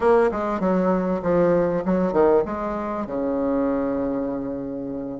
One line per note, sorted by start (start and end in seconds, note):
0.00 0.30 A#3
0.31 0.60 G#3
0.60 1.21 F#3
1.22 1.83 F3
1.85 2.12 F#3
2.12 2.43 D#3
2.45 3.06 G#3
3.06 5.20 C#3